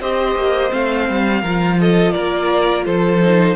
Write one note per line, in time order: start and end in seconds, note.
0.00 0.36 C4
0.00 0.70 G4
0.00 1.42 C5
0.00 0.73 D#5
0.36 0.71 A#3
0.70 1.10 A3
0.70 1.41 C4
0.70 1.80 F5
1.10 1.43 G3
1.42 2.14 F3
1.42 3.23 F4
1.42 1.77 A#4
1.81 2.14 A4
1.81 2.12 D#5
2.12 2.86 A#3
2.12 2.86 A#4
2.12 2.84 D5
2.86 3.57 F3
2.86 3.57 A4
2.86 3.57 C5
3.23 3.57 D#4